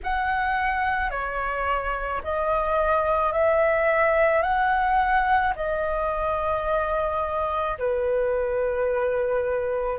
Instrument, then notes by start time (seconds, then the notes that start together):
flute
0.03 F#5
1.10 C#5
2.23 D#5
3.32 E5
4.42 F#5
5.56 D#5
7.78 B4